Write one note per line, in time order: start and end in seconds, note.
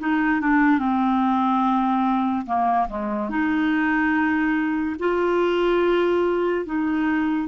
0.00 0.41 D#4
0.41 0.79 D4
0.79 2.46 C4
2.46 2.88 A#3
2.89 3.30 G#3
3.30 4.97 D#4
5.00 6.66 F4
6.66 7.48 D#4